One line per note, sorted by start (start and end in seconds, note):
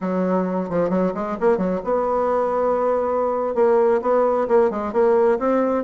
0.01 0.69 F#3
0.69 0.89 F3
0.89 1.12 F#3
1.14 1.37 G#3
1.40 1.57 A#3
1.57 1.80 F#3
1.84 3.55 B3
3.55 4.00 A#3
4.01 4.47 B3
4.47 4.70 A#3
4.70 4.92 G#3
4.92 5.38 A#3
5.38 5.84 C4